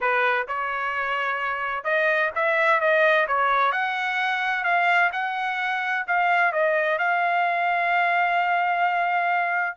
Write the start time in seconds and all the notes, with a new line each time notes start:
0.00 B4
0.47 C#5
1.84 D#5
2.35 E5
2.80 D#5
3.27 C#5
3.72 F#5
4.64 F5
5.12 F#5
6.07 F5
6.52 D#5
6.98 F5